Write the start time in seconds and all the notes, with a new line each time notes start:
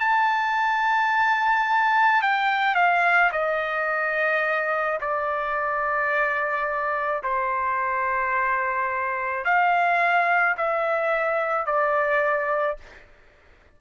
0.00 A5
2.22 G5
2.75 F5
3.32 D#5
5.01 D5
7.23 C5
9.44 F5
10.57 E5
11.66 D5